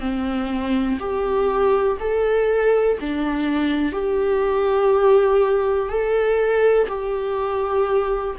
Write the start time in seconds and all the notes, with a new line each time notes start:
0.00 C4
0.99 G4
1.99 A4
3.00 D4
3.92 G4
5.89 A4
6.88 G4